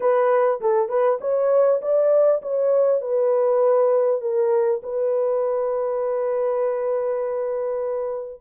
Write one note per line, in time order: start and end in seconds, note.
0.00 0.60 B4
0.60 0.88 A4
0.88 1.18 B4
1.21 1.81 C#5
1.81 2.41 D5
2.42 3.01 C#5
3.01 4.21 B4
4.21 4.81 A#4
4.82 8.41 B4